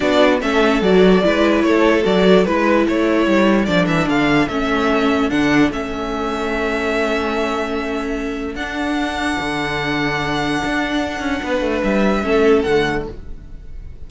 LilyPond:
<<
  \new Staff \with { instrumentName = "violin" } { \time 4/4 \tempo 4 = 147 d''4 e''4 d''2 | cis''4 d''4 b'4 cis''4~ | cis''4 d''8 e''8 f''4 e''4~ | e''4 fis''4 e''2~ |
e''1~ | e''4 fis''2.~ | fis''1~ | fis''4 e''2 fis''4 | }
  \new Staff \with { instrumentName = "violin" } { \time 4/4 fis'4 a'2 b'4 | a'2 b'4 a'4~ | a'1~ | a'1~ |
a'1~ | a'1~ | a'1 | b'2 a'2 | }
  \new Staff \with { instrumentName = "viola" } { \time 4/4 d'4 cis'4 fis'4 e'4~ | e'4 fis'4 e'2~ | e'4 d'2 cis'4~ | cis'4 d'4 cis'2~ |
cis'1~ | cis'4 d'2.~ | d'1~ | d'2 cis'4 a4 | }
  \new Staff \with { instrumentName = "cello" } { \time 4/4 b4 a4 fis4 gis4 | a4 fis4 gis4 a4 | g4 f8 e8 d4 a4~ | a4 d4 a2~ |
a1~ | a4 d'2 d4~ | d2 d'4. cis'8 | b8 a8 g4 a4 d4 | }
>>